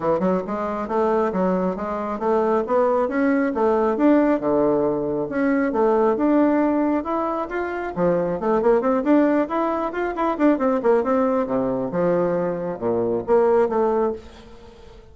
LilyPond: \new Staff \with { instrumentName = "bassoon" } { \time 4/4 \tempo 4 = 136 e8 fis8 gis4 a4 fis4 | gis4 a4 b4 cis'4 | a4 d'4 d2 | cis'4 a4 d'2 |
e'4 f'4 f4 a8 ais8 | c'8 d'4 e'4 f'8 e'8 d'8 | c'8 ais8 c'4 c4 f4~ | f4 ais,4 ais4 a4 | }